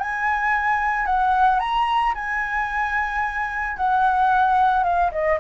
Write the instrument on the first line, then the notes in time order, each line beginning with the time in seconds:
flute
0.00 G#5
1.06 F#5
1.60 A#5
2.15 G#5
3.77 F#5
4.84 F5
5.12 D#5